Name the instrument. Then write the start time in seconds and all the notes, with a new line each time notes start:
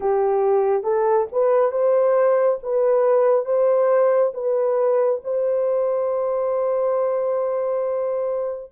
horn
0.00 G4
0.83 A4
1.32 B4
1.71 C5
2.62 B4
3.45 C5
4.34 B4
5.24 C5